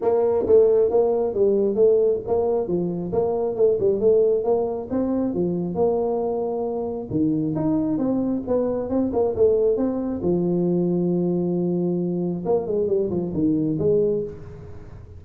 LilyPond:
\new Staff \with { instrumentName = "tuba" } { \time 4/4 \tempo 4 = 135 ais4 a4 ais4 g4 | a4 ais4 f4 ais4 | a8 g8 a4 ais4 c'4 | f4 ais2. |
dis4 dis'4 c'4 b4 | c'8 ais8 a4 c'4 f4~ | f1 | ais8 gis8 g8 f8 dis4 gis4 | }